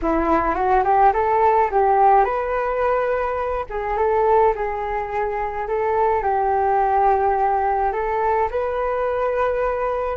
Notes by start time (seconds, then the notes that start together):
0.02 E4
0.55 F#4
0.84 G4
1.13 A4
1.70 G4
2.24 B4
3.69 G#4
3.97 A4
4.55 G#4
5.68 A4
6.23 G4
7.92 A4
8.50 B4